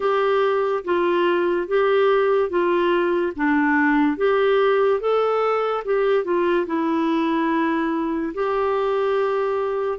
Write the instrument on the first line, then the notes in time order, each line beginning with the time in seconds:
clarinet
0.00 G4
0.84 F4
1.67 G4
2.49 F4
3.36 D4
4.17 G4
5.00 A4
5.84 G4
6.24 F4
6.66 E4
8.34 G4